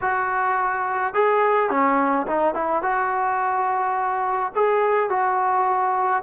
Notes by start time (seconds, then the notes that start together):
0.01 F#4
1.13 G#4
1.70 C#4
2.26 D#4
2.54 E4
2.82 F#4
4.55 G#4
5.09 F#4